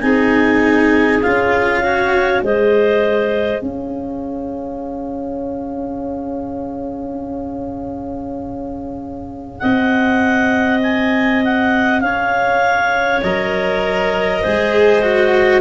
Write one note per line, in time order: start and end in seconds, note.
0.00 1.22 C4
0.00 1.21 D#4
0.00 1.81 G#4
0.00 1.20 G#5
1.22 2.42 C#4
1.22 1.83 F4
1.22 2.42 F5
1.81 2.42 F#4
1.81 2.41 C#5
2.42 3.61 G#3
2.42 13.22 G#4
2.42 3.62 C5
2.42 3.61 D#5
3.61 9.61 C#4
3.61 9.61 C#5
3.61 9.59 F5
9.59 12.02 C4
9.59 12.01 D#5
9.59 10.79 F#5
10.83 11.43 G#5
11.44 12.01 F#5
12.01 13.21 C#4
12.01 14.41 C#5
12.01 13.21 F5
13.22 14.42 F#3
13.22 14.43 A#4
13.22 15.61 D#5
14.41 15.61 G#3
14.41 15.02 G#4
14.41 15.61 C5
15.02 15.61 F#4